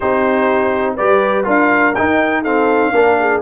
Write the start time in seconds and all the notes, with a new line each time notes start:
0.00 C4 D#4 G4 C5
0.95 G3 G4 B4 D5
1.44 D4 F4 A#4 F5
1.94 D#4 G5
2.42 C4 A4 F5
2.92 A#3 D4 A#4
3.19 G#4